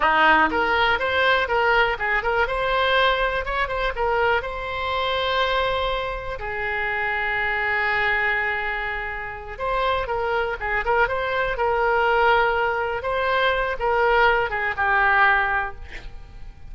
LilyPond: \new Staff \with { instrumentName = "oboe" } { \time 4/4 \tempo 4 = 122 dis'4 ais'4 c''4 ais'4 | gis'8 ais'8 c''2 cis''8 c''8 | ais'4 c''2.~ | c''4 gis'2.~ |
gis'2.~ gis'8 c''8~ | c''8 ais'4 gis'8 ais'8 c''4 ais'8~ | ais'2~ ais'8 c''4. | ais'4. gis'8 g'2 | }